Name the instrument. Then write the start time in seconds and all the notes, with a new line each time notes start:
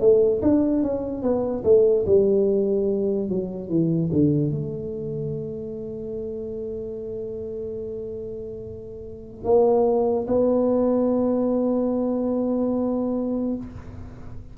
tuba
0.00 A3
0.42 D4
0.83 C#4
1.23 B3
1.64 A3
2.06 G3
3.29 F#3
3.69 E3
4.12 D3
4.51 A3
9.44 A#3
10.28 B3